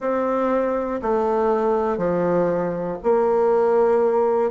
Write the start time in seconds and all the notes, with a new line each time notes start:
0.00 C4
1.01 A3
1.97 F3
3.03 A#3